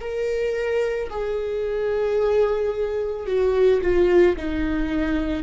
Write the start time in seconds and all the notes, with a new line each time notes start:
0.00 A#4
1.10 G#4
3.26 F#4
3.81 F4
4.36 D#4